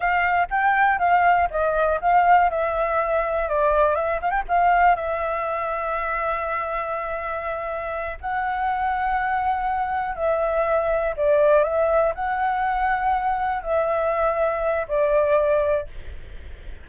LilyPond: \new Staff \with { instrumentName = "flute" } { \time 4/4 \tempo 4 = 121 f''4 g''4 f''4 dis''4 | f''4 e''2 d''4 | e''8 f''16 g''16 f''4 e''2~ | e''1~ |
e''8 fis''2.~ fis''8~ | fis''8 e''2 d''4 e''8~ | e''8 fis''2. e''8~ | e''2 d''2 | }